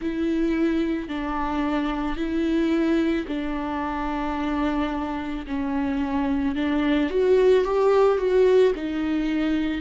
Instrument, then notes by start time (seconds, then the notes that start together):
viola
0.00 E4
1.08 D4
2.16 E4
3.27 D4
5.46 C#4
6.55 D4
7.10 F#4
7.64 G4
8.18 F#4
8.75 D#4